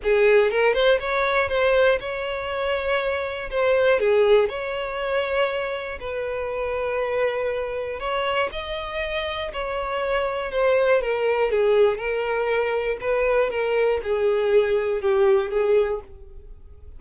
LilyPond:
\new Staff \with { instrumentName = "violin" } { \time 4/4 \tempo 4 = 120 gis'4 ais'8 c''8 cis''4 c''4 | cis''2. c''4 | gis'4 cis''2. | b'1 |
cis''4 dis''2 cis''4~ | cis''4 c''4 ais'4 gis'4 | ais'2 b'4 ais'4 | gis'2 g'4 gis'4 | }